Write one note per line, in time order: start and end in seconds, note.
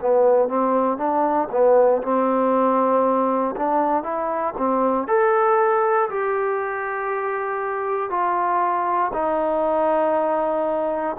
0.00 0.48 B3
0.48 0.97 C4
0.97 1.48 D4
1.51 2.02 B3
2.02 3.55 C4
3.55 4.03 D4
4.03 4.53 E4
4.57 5.07 C4
5.07 6.09 A4
6.09 8.09 G4
8.09 9.11 F4
9.13 11.16 D#4